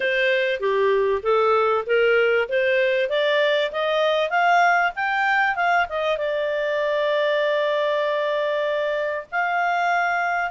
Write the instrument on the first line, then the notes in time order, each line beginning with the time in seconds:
clarinet
0.00 C5
0.60 G4
1.23 A4
1.86 A#4
2.48 C5
3.09 D5
3.71 D#5
4.30 F5
4.95 G5
5.55 F5
5.89 D#5
6.17 D5
9.31 F5